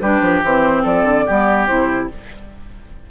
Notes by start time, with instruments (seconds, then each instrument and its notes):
0.00 bassoon G3, clarinet D4, oboe G4, flute B4
0.21 bassoon F3
0.43 bassoon E3, clarinet C4, flute C5
0.83 bassoon F3, oboe A4, flute D5
1.04 bassoon D3
1.26 bassoon G3, clarinet B3, oboe G4
1.66 bassoon C3, clarinet E4, flute C5